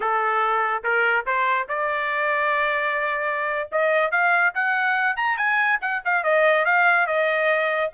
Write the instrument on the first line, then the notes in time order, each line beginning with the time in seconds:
trumpet
0.00 A4
0.83 A#4
1.25 C5
1.68 D5
3.71 D#5
4.11 F5
4.54 F#5
5.16 A#5
5.37 G#5
5.81 F#5
6.04 F5
6.23 D#5
6.65 F5
7.06 D#5